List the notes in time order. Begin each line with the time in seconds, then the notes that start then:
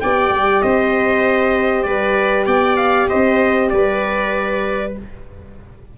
0.00 B3 G4 D5 G5
0.30 G3
0.62 C4 C5 D#5
1.82 G3 B4 D5
2.46 B3 D5 G5
2.76 F5
3.08 C4 C5 D#5
3.69 G3 B4 D5